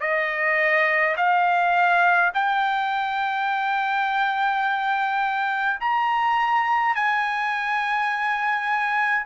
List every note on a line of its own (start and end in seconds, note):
0.00 1.15 D#5
1.16 2.32 F5
2.34 5.80 G5
5.81 6.95 A#5
6.95 9.26 G#5